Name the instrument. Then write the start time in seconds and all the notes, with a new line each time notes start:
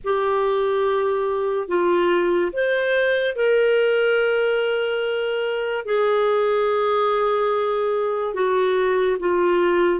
clarinet
0.04 G4
1.68 F4
2.52 C5
3.35 A#4
5.85 G#4
8.33 F#4
9.19 F4